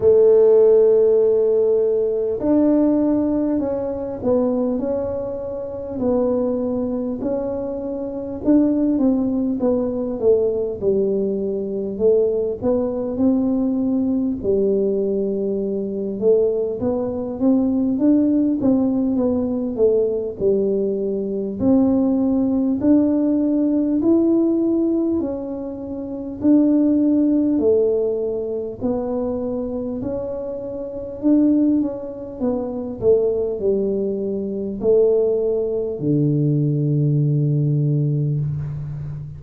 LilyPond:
\new Staff \with { instrumentName = "tuba" } { \time 4/4 \tempo 4 = 50 a2 d'4 cis'8 b8 | cis'4 b4 cis'4 d'8 c'8 | b8 a8 g4 a8 b8 c'4 | g4. a8 b8 c'8 d'8 c'8 |
b8 a8 g4 c'4 d'4 | e'4 cis'4 d'4 a4 | b4 cis'4 d'8 cis'8 b8 a8 | g4 a4 d2 | }